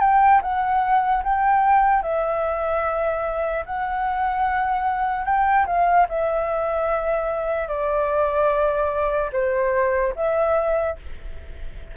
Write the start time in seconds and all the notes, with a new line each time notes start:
0.00 G5
0.42 F#5
1.24 G5
2.02 E5
3.66 F#5
5.25 G5
5.66 F5
6.09 E5
7.68 D5
9.32 C5
10.15 E5